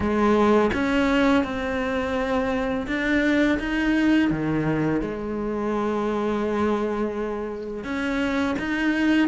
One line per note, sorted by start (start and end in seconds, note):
0.00 0.70 G#3
0.73 1.44 C#4
1.44 2.86 C4
2.87 3.58 D4
3.59 4.30 D#4
4.30 5.01 D#3
5.01 7.84 G#3
7.84 8.55 C#4
8.58 9.28 D#4